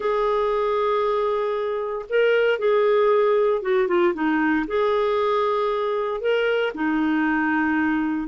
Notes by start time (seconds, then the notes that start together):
0.00 G#4
2.09 A#4
2.59 G#4
3.62 F#4
3.87 F4
4.14 D#4
4.67 G#4
6.20 A#4
6.74 D#4